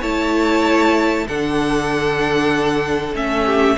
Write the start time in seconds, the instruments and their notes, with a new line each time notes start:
0.00 cello A3, viola E4, violin C#5 A5
1.27 cello D3, viola D4, violin A4 F#5
3.14 cello A3, viola C#4, violin E5
3.45 violin G4